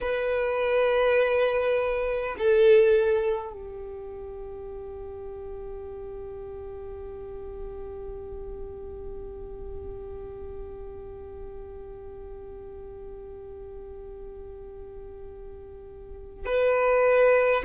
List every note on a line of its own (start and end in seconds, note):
0.01 2.36 B4
2.37 3.52 A4
3.52 16.45 G4
16.45 17.63 B4